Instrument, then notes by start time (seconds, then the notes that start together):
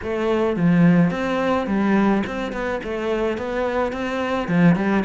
cello
0.02 A3
0.56 F3
1.10 C4
1.67 G3
2.26 C4
2.52 B3
2.83 A3
3.37 B3
3.92 C4
4.47 F3
4.75 G3